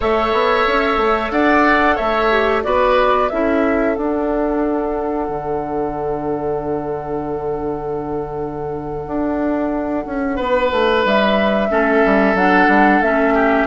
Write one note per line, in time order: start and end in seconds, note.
0.00 0.32 A3
0.00 2.31 A4
0.00 1.32 C#5
0.00 1.31 E5
0.32 0.65 B3
0.67 0.96 C#4
0.96 1.29 A3
1.31 1.97 D4
1.31 1.95 D5
1.31 1.96 F#5
1.95 2.64 A3
1.95 2.61 C#5
1.95 2.62 E5
2.31 2.63 G4
2.63 3.30 B3
2.63 3.29 F#4
2.63 3.31 B4
2.63 3.29 D5
3.29 3.97 C#4
3.29 3.95 E4
3.29 10.36 A4
3.29 3.95 E5
3.95 11.69 D4
3.95 5.28 D4
3.95 11.04 F#5
5.28 9.06 D3
9.06 10.05 D4
10.05 10.38 C#4
10.36 10.71 B3
10.36 11.68 B4
10.71 11.04 A3
11.04 11.70 G3
11.04 12.36 E5
11.69 12.03 A3
11.69 12.35 C#4
11.69 13.34 A4
12.05 12.34 G3
12.34 12.67 F#3
12.34 13.03 D4
12.34 13.02 F#5
12.67 13.00 G3
13.01 13.66 A3
13.01 13.66 C#4
13.01 13.66 E5
13.34 13.66 G4